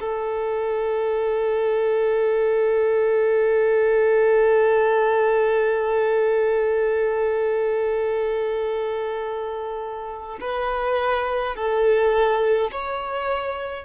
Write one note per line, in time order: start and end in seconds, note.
0.00 10.38 A4
10.40 11.55 B4
11.55 12.70 A4
12.71 13.85 C#5